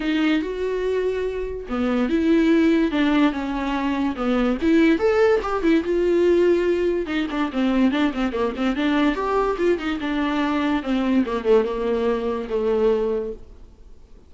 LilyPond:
\new Staff \with { instrumentName = "viola" } { \time 4/4 \tempo 4 = 144 dis'4 fis'2. | b4 e'2 d'4 | cis'2 b4 e'4 | a'4 g'8 e'8 f'2~ |
f'4 dis'8 d'8 c'4 d'8 c'8 | ais8 c'8 d'4 g'4 f'8 dis'8 | d'2 c'4 ais8 a8 | ais2 a2 | }